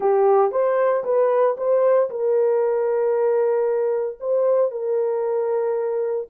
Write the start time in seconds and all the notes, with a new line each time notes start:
0.00 G4
0.51 C5
1.04 B4
1.57 C5
2.09 A#4
4.20 C5
4.71 A#4